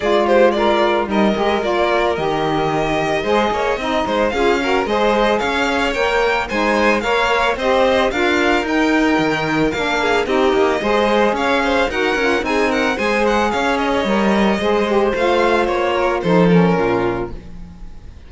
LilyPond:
<<
  \new Staff \with { instrumentName = "violin" } { \time 4/4 \tempo 4 = 111 d''8 c''8 d''4 dis''4 d''4 | dis''1 | f''4 dis''4 f''4 g''4 | gis''4 f''4 dis''4 f''4 |
g''2 f''4 dis''4~ | dis''4 f''4 fis''4 gis''8 fis''8 | gis''8 fis''8 f''8 dis''2~ dis''8 | f''4 cis''4 c''8 ais'4. | }
  \new Staff \with { instrumentName = "violin" } { \time 4/4 gis'8 g'8 f'4 ais'2~ | ais'2 c''8 cis''8 dis''8 c''8 | gis'8 ais'8 c''4 cis''2 | c''4 cis''4 c''4 ais'4~ |
ais'2~ ais'8 gis'8 g'4 | c''4 cis''8 c''8 ais'4 gis'8 ais'8 | c''4 cis''2 c''4~ | c''4. ais'8 a'4 f'4 | }
  \new Staff \with { instrumentName = "saxophone" } { \time 4/4 f'4 ais'4 dis'8 g'8 f'4 | g'2 gis'4 dis'4 | f'8 fis'8 gis'2 ais'4 | dis'4 ais'4 g'4 f'4 |
dis'2 d'4 dis'4 | gis'2 fis'8 f'8 dis'4 | gis'2 ais'4 gis'8 g'8 | f'2 dis'8 cis'4. | }
  \new Staff \with { instrumentName = "cello" } { \time 4/4 gis2 g8 gis8 ais4 | dis2 gis8 ais8 c'8 gis8 | cis'4 gis4 cis'4 ais4 | gis4 ais4 c'4 d'4 |
dis'4 dis4 ais4 c'8 ais8 | gis4 cis'4 dis'8 cis'8 c'4 | gis4 cis'4 g4 gis4 | a4 ais4 f4 ais,4 | }
>>